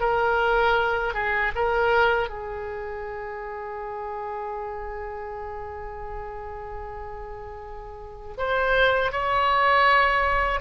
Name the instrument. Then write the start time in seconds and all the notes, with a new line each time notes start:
oboe
0.00 A#4
1.14 G#4
1.55 A#4
2.29 G#4
8.38 C5
9.12 C#5